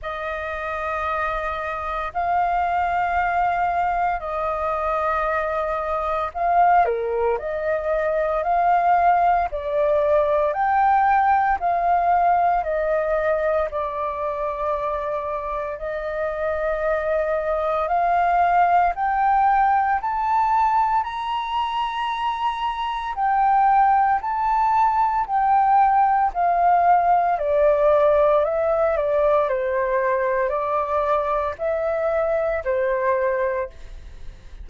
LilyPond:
\new Staff \with { instrumentName = "flute" } { \time 4/4 \tempo 4 = 57 dis''2 f''2 | dis''2 f''8 ais'8 dis''4 | f''4 d''4 g''4 f''4 | dis''4 d''2 dis''4~ |
dis''4 f''4 g''4 a''4 | ais''2 g''4 a''4 | g''4 f''4 d''4 e''8 d''8 | c''4 d''4 e''4 c''4 | }